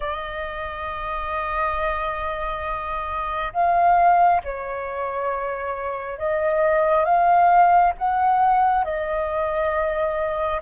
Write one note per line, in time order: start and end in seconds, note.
0.00 3.53 D#5
3.53 4.41 F5
4.44 6.18 C#5
6.18 7.04 D#5
7.04 7.93 F5
7.98 8.84 F#5
8.84 10.60 D#5